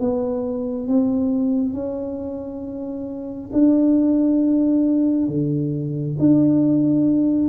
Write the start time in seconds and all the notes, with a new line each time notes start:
0.00 B3
0.88 C4
1.74 C#4
3.53 D4
5.28 D3
6.19 D4